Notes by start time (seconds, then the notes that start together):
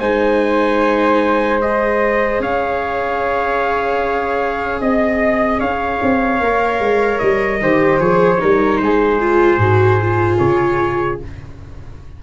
0.00 G#3 D#4 C5 G#5
1.61 G#4 D#5
2.40 C#4 C#5 F5
4.80 C4 D#5
5.59 C#4 C#5 F5
6.02 C4
6.41 A#3 A#4
6.80 G#3
7.19 G3 D#5
7.61 D#3 G4 C5
8.00 F3 G#4 C#5
8.38 G3 D#4 A#4
8.77 G#3 G#4 C5
9.20 F4
9.58 G#2 F#4
10.01 F4
10.39 C#3 C#5